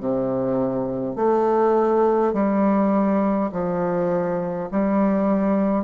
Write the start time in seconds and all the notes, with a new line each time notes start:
0.00 C3
1.16 A3
2.34 G3
3.52 F3
4.72 G3